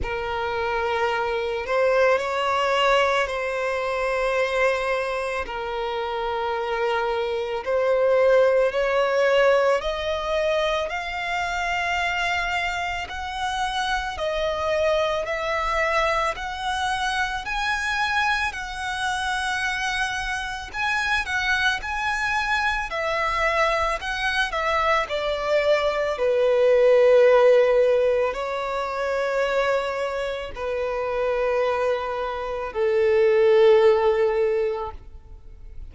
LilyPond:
\new Staff \with { instrumentName = "violin" } { \time 4/4 \tempo 4 = 55 ais'4. c''8 cis''4 c''4~ | c''4 ais'2 c''4 | cis''4 dis''4 f''2 | fis''4 dis''4 e''4 fis''4 |
gis''4 fis''2 gis''8 fis''8 | gis''4 e''4 fis''8 e''8 d''4 | b'2 cis''2 | b'2 a'2 | }